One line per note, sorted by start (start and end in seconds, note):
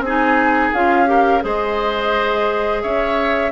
0.00 0.70 C4
0.00 1.09 G#4
0.00 0.74 G#5
0.07 0.75 D#4
0.74 1.44 C#4
0.74 1.06 F4
0.74 1.43 F5
1.06 1.41 G4
1.06 1.44 A#4
1.42 2.83 G#3
1.42 3.51 G#4
1.42 2.83 C5
1.42 2.82 D#5
2.82 3.52 C#4
2.82 3.52 C#5
2.82 3.52 E5